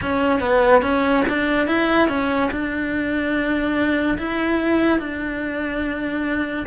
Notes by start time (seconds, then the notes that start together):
0.01 C#4
0.40 B3
0.81 C#4
1.28 D4
1.67 E4
2.08 C#4
2.51 D4
4.18 E4
4.99 D4